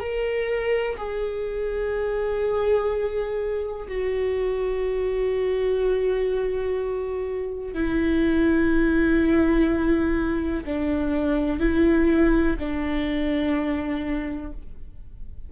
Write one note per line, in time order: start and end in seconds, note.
0.00 0.97 A#4
0.97 3.88 G#4
3.88 7.74 F#4
7.74 10.64 E4
10.65 11.60 D4
11.60 12.56 E4
12.59 14.52 D4